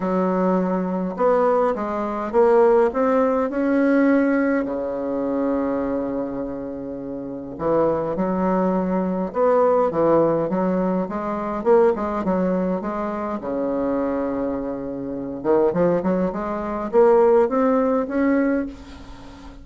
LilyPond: \new Staff \with { instrumentName = "bassoon" } { \time 4/4 \tempo 4 = 103 fis2 b4 gis4 | ais4 c'4 cis'2 | cis1~ | cis4 e4 fis2 |
b4 e4 fis4 gis4 | ais8 gis8 fis4 gis4 cis4~ | cis2~ cis8 dis8 f8 fis8 | gis4 ais4 c'4 cis'4 | }